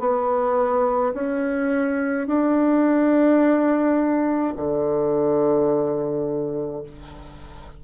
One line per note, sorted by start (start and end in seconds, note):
0.00 1.13 B3
1.14 2.27 C#4
2.27 4.54 D4
4.56 6.83 D3